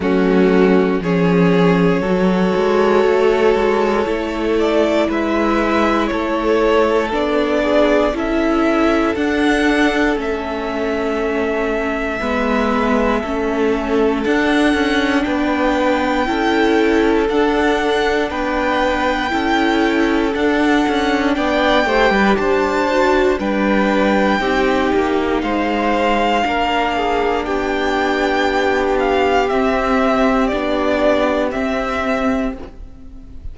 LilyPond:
<<
  \new Staff \with { instrumentName = "violin" } { \time 4/4 \tempo 4 = 59 fis'4 cis''2.~ | cis''8 d''8 e''4 cis''4 d''4 | e''4 fis''4 e''2~ | e''2 fis''4 g''4~ |
g''4 fis''4 g''2 | fis''4 g''4 a''4 g''4~ | g''4 f''2 g''4~ | g''8 f''8 e''4 d''4 e''4 | }
  \new Staff \with { instrumentName = "violin" } { \time 4/4 cis'4 gis'4 a'2~ | a'4 b'4 a'4. gis'8 | a'1 | b'4 a'2 b'4 |
a'2 b'4 a'4~ | a'4 d''8 c''16 b'16 c''4 b'4 | g'4 c''4 ais'8 gis'8 g'4~ | g'1 | }
  \new Staff \with { instrumentName = "viola" } { \time 4/4 a4 cis'4 fis'2 | e'2. d'4 | e'4 d'4 cis'2 | b4 cis'4 d'2 |
e'4 d'2 e'4 | d'4. g'4 fis'8 d'4 | dis'2 d'2~ | d'4 c'4 d'4 c'4 | }
  \new Staff \with { instrumentName = "cello" } { \time 4/4 fis4 f4 fis8 gis8 a8 gis8 | a4 gis4 a4 b4 | cis'4 d'4 a2 | gis4 a4 d'8 cis'8 b4 |
cis'4 d'4 b4 cis'4 | d'8 cis'8 b8 a16 g16 d'4 g4 | c'8 ais8 gis4 ais4 b4~ | b4 c'4 b4 c'4 | }
>>